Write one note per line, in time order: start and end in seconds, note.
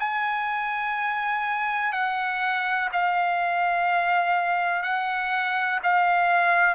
0.00 1.93 G#5
1.93 2.89 F#5
2.93 4.83 F5
4.83 5.80 F#5
5.84 6.75 F5